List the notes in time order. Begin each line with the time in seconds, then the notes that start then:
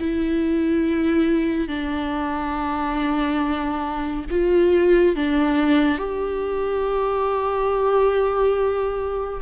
0.00 E4
1.68 D4
4.31 F4
5.16 D4
5.98 G4